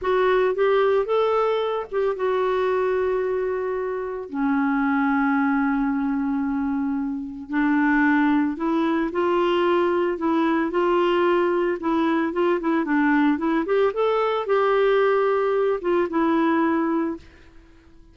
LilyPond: \new Staff \with { instrumentName = "clarinet" } { \time 4/4 \tempo 4 = 112 fis'4 g'4 a'4. g'8 | fis'1 | cis'1~ | cis'2 d'2 |
e'4 f'2 e'4 | f'2 e'4 f'8 e'8 | d'4 e'8 g'8 a'4 g'4~ | g'4. f'8 e'2 | }